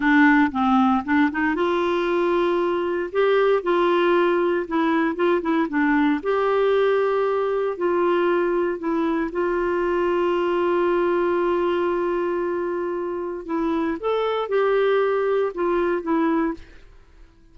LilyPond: \new Staff \with { instrumentName = "clarinet" } { \time 4/4 \tempo 4 = 116 d'4 c'4 d'8 dis'8 f'4~ | f'2 g'4 f'4~ | f'4 e'4 f'8 e'8 d'4 | g'2. f'4~ |
f'4 e'4 f'2~ | f'1~ | f'2 e'4 a'4 | g'2 f'4 e'4 | }